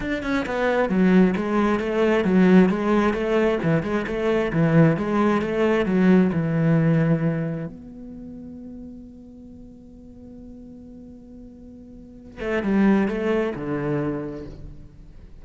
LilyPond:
\new Staff \with { instrumentName = "cello" } { \time 4/4 \tempo 4 = 133 d'8 cis'8 b4 fis4 gis4 | a4 fis4 gis4 a4 | e8 gis8 a4 e4 gis4 | a4 fis4 e2~ |
e4 b2.~ | b1~ | b2.~ b8 a8 | g4 a4 d2 | }